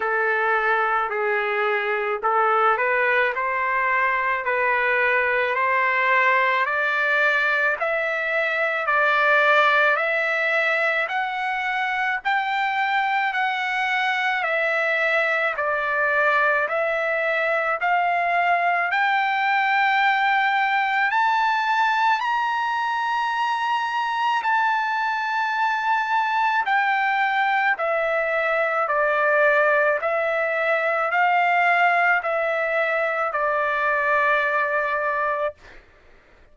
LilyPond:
\new Staff \with { instrumentName = "trumpet" } { \time 4/4 \tempo 4 = 54 a'4 gis'4 a'8 b'8 c''4 | b'4 c''4 d''4 e''4 | d''4 e''4 fis''4 g''4 | fis''4 e''4 d''4 e''4 |
f''4 g''2 a''4 | ais''2 a''2 | g''4 e''4 d''4 e''4 | f''4 e''4 d''2 | }